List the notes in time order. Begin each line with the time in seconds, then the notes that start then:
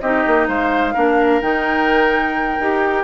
0.00 C4 D#4 G4 D#5
0.27 A#3
0.48 G#3 C5 F5
0.93 A#3 D4 A#4
1.41 D#3 D#4 G5
2.59 D#4 G4